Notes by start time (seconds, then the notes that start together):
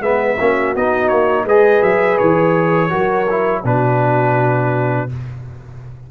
0.00 G#3 B3 B4 E5
0.40 A#3 C#4 F#4
0.75 B3 D#4 D#5
1.08 A#3 C#5
1.45 G#3 G#4 B4 D#5
1.83 F#3 E5
2.18 E3 C#5
2.90 F#3 F#4 A#4
3.30 E4
3.64 B2 D4 F#4 B4